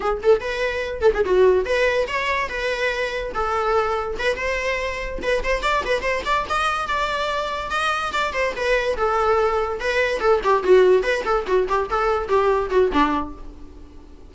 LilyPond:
\new Staff \with { instrumentName = "viola" } { \time 4/4 \tempo 4 = 144 gis'8 a'8 b'4. a'16 gis'16 fis'4 | b'4 cis''4 b'2 | a'2 b'8 c''4.~ | c''8 b'8 c''8 d''8 b'8 c''8 d''8 dis''8~ |
dis''8 d''2 dis''4 d''8 | c''8 b'4 a'2 b'8~ | b'8 a'8 g'8 fis'4 b'8 a'8 fis'8 | g'8 a'4 g'4 fis'8 d'4 | }